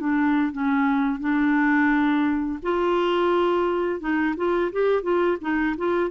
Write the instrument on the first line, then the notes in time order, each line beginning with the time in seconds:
clarinet
0.00 D4
0.52 C#4
1.20 D4
2.63 F4
4.00 D#4
4.37 F4
4.72 G4
5.02 F4
5.41 D#4
5.77 F4